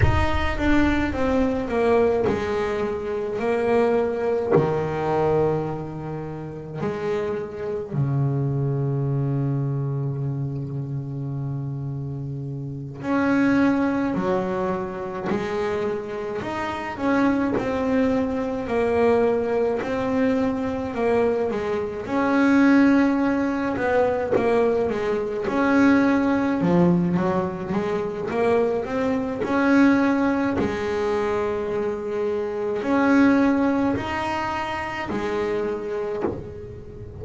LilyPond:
\new Staff \with { instrumentName = "double bass" } { \time 4/4 \tempo 4 = 53 dis'8 d'8 c'8 ais8 gis4 ais4 | dis2 gis4 cis4~ | cis2.~ cis8 cis'8~ | cis'8 fis4 gis4 dis'8 cis'8 c'8~ |
c'8 ais4 c'4 ais8 gis8 cis'8~ | cis'4 b8 ais8 gis8 cis'4 f8 | fis8 gis8 ais8 c'8 cis'4 gis4~ | gis4 cis'4 dis'4 gis4 | }